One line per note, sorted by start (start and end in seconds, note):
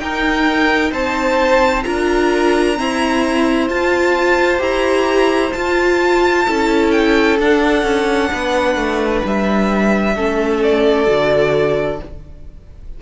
0.00 0.92 D#4
0.00 1.85 D#4
0.00 0.92 A#4
0.00 0.93 G5
0.92 1.85 C4
0.92 1.84 C5
0.92 1.84 A5
1.84 2.79 D4
1.84 2.76 F4
1.84 2.78 A#4
1.84 3.68 A#5
2.76 3.68 C4
2.76 3.70 E4
2.76 6.47 C5
3.70 4.60 F4
3.70 4.59 F4
3.70 4.62 A5
4.59 5.52 E4
4.59 5.51 G4
4.59 5.53 A#5
5.53 6.47 F4
5.53 6.91 A5
6.47 7.39 C#4
6.47 7.39 E4
6.47 8.31 A4
6.91 7.37 G5
7.39 7.83 D4
7.39 10.17 D4
7.39 9.26 F#5
7.83 8.29 C#4
8.32 8.76 B3
8.32 10.16 B4
8.76 9.22 A3
9.25 10.15 G3
9.25 10.64 E5
10.15 11.08 A3
10.15 11.07 C#4
10.15 12.00 A4
10.64 12.02 D5
11.07 12.00 D3
11.07 11.99 F#4